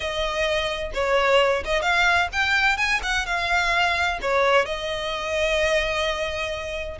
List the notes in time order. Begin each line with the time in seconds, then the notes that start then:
0.00 D#5
0.93 C#5
1.64 D#5
1.81 F5
2.32 G5
2.77 G#5
3.03 F#5
3.26 F5
4.21 C#5
4.65 D#5